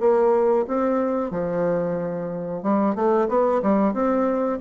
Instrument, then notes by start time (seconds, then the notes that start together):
bassoon
0.00 A#3
0.68 C4
1.31 F3
2.63 G3
2.95 A3
3.28 B3
3.62 G3
3.94 C4